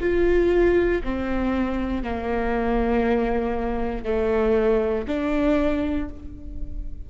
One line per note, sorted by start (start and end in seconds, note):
0.00 1.02 F4
1.03 2.02 C4
2.02 4.04 A#3
4.04 5.05 A3
5.07 6.09 D4